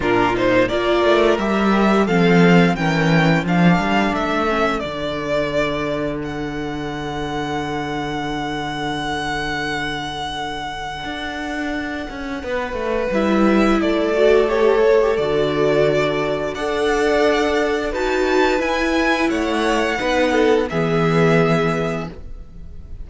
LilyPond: <<
  \new Staff \with { instrumentName = "violin" } { \time 4/4 \tempo 4 = 87 ais'8 c''8 d''4 e''4 f''4 | g''4 f''4 e''4 d''4~ | d''4 fis''2.~ | fis''1~ |
fis''2. e''4 | d''4 cis''4 d''2 | fis''2 a''4 gis''4 | fis''2 e''2 | }
  \new Staff \with { instrumentName = "violin" } { \time 4/4 f'4 ais'2 a'4 | ais'4 a'2.~ | a'1~ | a'1~ |
a'2 b'2 | a'1 | d''2 b'2 | cis''4 b'8 a'8 gis'2 | }
  \new Staff \with { instrumentName = "viola" } { \time 4/4 d'8 dis'8 f'4 g'4 c'4 | cis'4 d'4. cis'8 d'4~ | d'1~ | d'1~ |
d'2. e'4~ | e'8 fis'8 g'8 a'16 g'16 fis'2 | a'2 fis'4 e'4~ | e'4 dis'4 b2 | }
  \new Staff \with { instrumentName = "cello" } { \time 4/4 ais,4 ais8 a8 g4 f4 | e4 f8 g8 a4 d4~ | d1~ | d1 |
d'4. cis'8 b8 a8 g4 | a2 d2 | d'2 dis'4 e'4 | a4 b4 e2 | }
>>